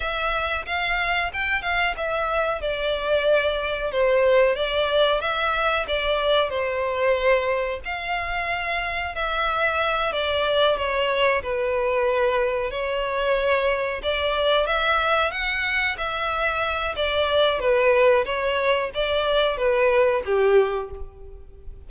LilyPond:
\new Staff \with { instrumentName = "violin" } { \time 4/4 \tempo 4 = 92 e''4 f''4 g''8 f''8 e''4 | d''2 c''4 d''4 | e''4 d''4 c''2 | f''2 e''4. d''8~ |
d''8 cis''4 b'2 cis''8~ | cis''4. d''4 e''4 fis''8~ | fis''8 e''4. d''4 b'4 | cis''4 d''4 b'4 g'4 | }